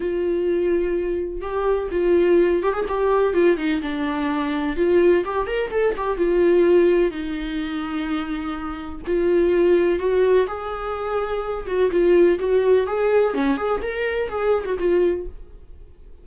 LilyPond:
\new Staff \with { instrumentName = "viola" } { \time 4/4 \tempo 4 = 126 f'2. g'4 | f'4. g'16 gis'16 g'4 f'8 dis'8 | d'2 f'4 g'8 ais'8 | a'8 g'8 f'2 dis'4~ |
dis'2. f'4~ | f'4 fis'4 gis'2~ | gis'8 fis'8 f'4 fis'4 gis'4 | cis'8 gis'8 ais'4 gis'8. fis'16 f'4 | }